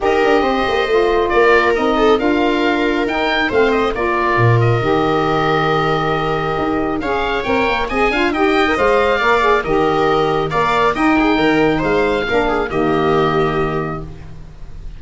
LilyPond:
<<
  \new Staff \with { instrumentName = "oboe" } { \time 4/4 \tempo 4 = 137 dis''2. d''4 | dis''4 f''2 g''4 | f''8 dis''8 d''4. dis''4.~ | dis''1 |
f''4 g''4 gis''4 g''4 | f''2 dis''2 | f''4 g''2 f''4~ | f''4 dis''2. | }
  \new Staff \with { instrumentName = "viola" } { \time 4/4 ais'4 c''2 ais'4~ | ais'8 a'8 ais'2. | c''4 ais'2.~ | ais'1 |
cis''2 dis''8 f''8 dis''4~ | dis''4 d''4 ais'2 | d''4 dis''8 gis'8 ais'4 c''4 | ais'8 gis'8 g'2. | }
  \new Staff \with { instrumentName = "saxophone" } { \time 4/4 g'2 f'2 | dis'4 f'2 dis'4 | c'4 f'2 g'4~ | g'1 |
gis'4 ais'4 gis'8 f'8 g'8. ais'16 | c''4 ais'8 gis'8 g'2 | ais'4 dis'2. | d'4 ais2. | }
  \new Staff \with { instrumentName = "tuba" } { \time 4/4 dis'8 d'8 c'8 ais8 a4 ais4 | c'4 d'2 dis'4 | a4 ais4 ais,4 dis4~ | dis2. dis'4 |
cis'4 c'8 ais8 c'8 d'8 dis'4 | gis4 ais4 dis2 | ais4 dis'4 dis4 gis4 | ais4 dis2. | }
>>